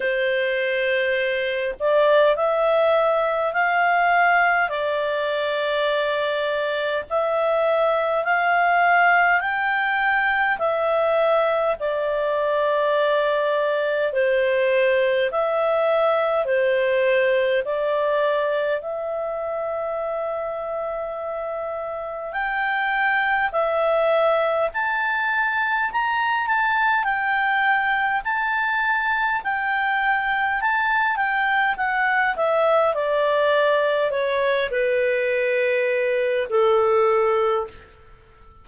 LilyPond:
\new Staff \with { instrumentName = "clarinet" } { \time 4/4 \tempo 4 = 51 c''4. d''8 e''4 f''4 | d''2 e''4 f''4 | g''4 e''4 d''2 | c''4 e''4 c''4 d''4 |
e''2. g''4 | e''4 a''4 ais''8 a''8 g''4 | a''4 g''4 a''8 g''8 fis''8 e''8 | d''4 cis''8 b'4. a'4 | }